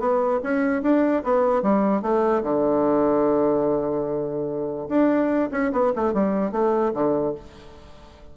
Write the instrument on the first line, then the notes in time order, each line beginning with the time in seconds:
bassoon
0.00 B3
0.44 C#4
0.83 D4
1.24 B3
1.63 G3
2.02 A3
2.44 D3
4.89 D4
5.52 C#4
5.73 B3
5.96 A3
6.14 G3
6.52 A3
6.94 D3